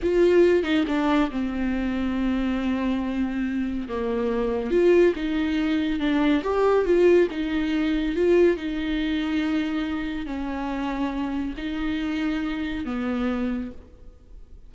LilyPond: \new Staff \with { instrumentName = "viola" } { \time 4/4 \tempo 4 = 140 f'4. dis'8 d'4 c'4~ | c'1~ | c'4 ais2 f'4 | dis'2 d'4 g'4 |
f'4 dis'2 f'4 | dis'1 | cis'2. dis'4~ | dis'2 b2 | }